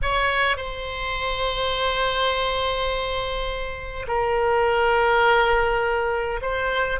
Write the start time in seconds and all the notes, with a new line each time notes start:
0.02 C#5
0.57 C5
4.07 A#4
6.41 C5